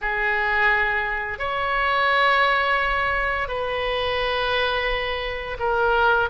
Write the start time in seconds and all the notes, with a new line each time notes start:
0.01 G#4
1.38 C#5
3.48 B4
5.59 A#4